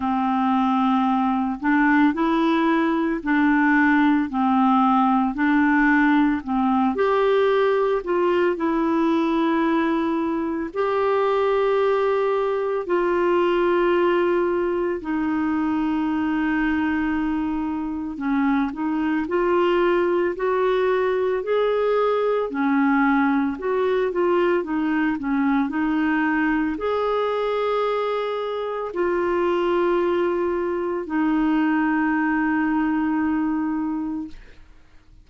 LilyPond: \new Staff \with { instrumentName = "clarinet" } { \time 4/4 \tempo 4 = 56 c'4. d'8 e'4 d'4 | c'4 d'4 c'8 g'4 f'8 | e'2 g'2 | f'2 dis'2~ |
dis'4 cis'8 dis'8 f'4 fis'4 | gis'4 cis'4 fis'8 f'8 dis'8 cis'8 | dis'4 gis'2 f'4~ | f'4 dis'2. | }